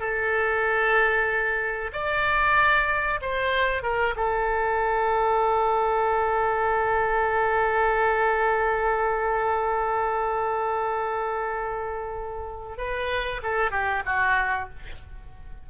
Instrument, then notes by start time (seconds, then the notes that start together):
oboe
0.00 A4
1.93 D5
3.21 C5
3.83 A#4
4.17 A4
12.77 B4
13.43 A4
13.71 G4
14.06 F#4